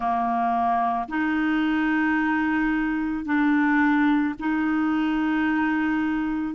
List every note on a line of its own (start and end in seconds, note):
0.00 1.08 A#3
1.08 3.25 D#4
3.25 4.34 D4
4.39 6.55 D#4